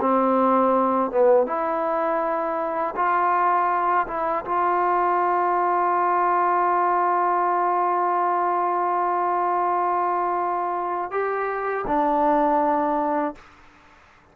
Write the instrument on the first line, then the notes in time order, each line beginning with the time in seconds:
trombone
0.00 C4
1.10 B3
1.46 E4
2.95 F4
4.07 E4
4.44 F4
11.11 G4
11.87 D4